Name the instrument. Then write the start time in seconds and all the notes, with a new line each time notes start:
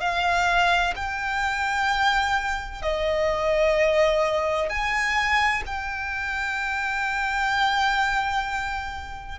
violin
0.00 F5
0.95 G5
2.82 D#5
4.69 G#5
5.66 G5